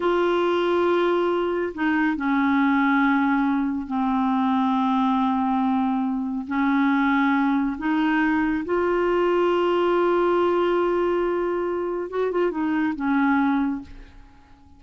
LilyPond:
\new Staff \with { instrumentName = "clarinet" } { \time 4/4 \tempo 4 = 139 f'1 | dis'4 cis'2.~ | cis'4 c'2.~ | c'2. cis'4~ |
cis'2 dis'2 | f'1~ | f'1 | fis'8 f'8 dis'4 cis'2 | }